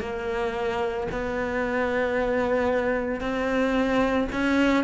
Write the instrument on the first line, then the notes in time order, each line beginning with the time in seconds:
cello
0.00 A#3
1.11 B3
3.20 C4
4.32 C#4